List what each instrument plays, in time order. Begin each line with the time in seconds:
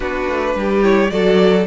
0.00 cello B3, viola D4, violin F#4 B4
0.28 cello A3
0.55 cello G3, violin G4
0.82 viola E4, violin C#5
1.10 cello F#3, viola F#4, violin A4 D5